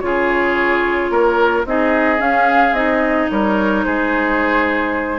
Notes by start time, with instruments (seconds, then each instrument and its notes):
0.00 bassoon C#3, clarinet F4, oboe G#4, flute C#5
1.10 bassoon A#3, oboe A#4
1.65 bassoon C4, clarinet D#4, oboe G#4, flute D#5
2.18 clarinet C#4, bassoon C#4, flute F5
2.72 bassoon C4, clarinet D#4, flute D#5
3.29 bassoon G3, oboe A#4, flute C#5
3.84 bassoon G#3, oboe G#4, flute C5